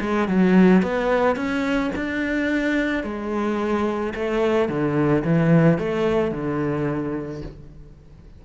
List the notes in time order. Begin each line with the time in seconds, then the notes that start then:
0.00 G#3
0.28 F#3
0.82 B3
1.36 C#4
1.95 D4
3.03 G#3
4.15 A3
4.68 D3
5.24 E3
5.78 A3
6.31 D3